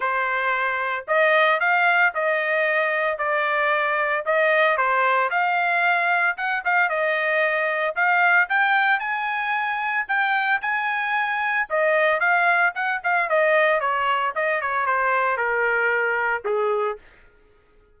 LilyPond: \new Staff \with { instrumentName = "trumpet" } { \time 4/4 \tempo 4 = 113 c''2 dis''4 f''4 | dis''2 d''2 | dis''4 c''4 f''2 | fis''8 f''8 dis''2 f''4 |
g''4 gis''2 g''4 | gis''2 dis''4 f''4 | fis''8 f''8 dis''4 cis''4 dis''8 cis''8 | c''4 ais'2 gis'4 | }